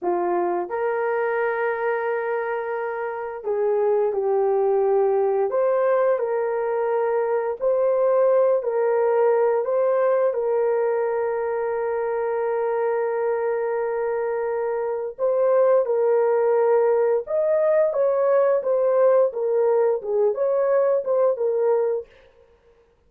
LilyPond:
\new Staff \with { instrumentName = "horn" } { \time 4/4 \tempo 4 = 87 f'4 ais'2.~ | ais'4 gis'4 g'2 | c''4 ais'2 c''4~ | c''8 ais'4. c''4 ais'4~ |
ais'1~ | ais'2 c''4 ais'4~ | ais'4 dis''4 cis''4 c''4 | ais'4 gis'8 cis''4 c''8 ais'4 | }